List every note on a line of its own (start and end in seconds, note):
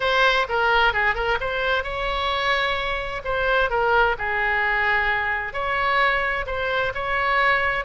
0.00 0.46 C5
0.48 0.93 A#4
0.93 1.15 G#4
1.15 1.38 A#4
1.40 1.83 C5
1.83 3.22 C#5
3.24 3.69 C5
3.69 4.16 A#4
4.18 5.53 G#4
5.53 6.45 C#5
6.46 6.92 C5
6.94 7.84 C#5